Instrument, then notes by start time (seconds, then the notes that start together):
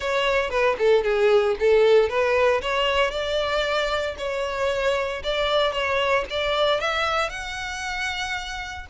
violin
0.00 C#5
0.50 B4
0.78 A4
1.03 G#4
1.59 A4
2.09 B4
2.61 C#5
3.10 D5
4.18 C#5
5.23 D5
5.72 C#5
6.30 D5
6.80 E5
7.29 F#5